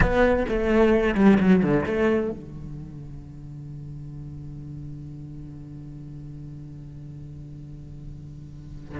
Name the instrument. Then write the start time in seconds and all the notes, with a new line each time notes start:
cello
0.00 B3
0.48 A3
1.15 G3
1.40 F#3
1.62 D3
1.86 A3
2.30 D3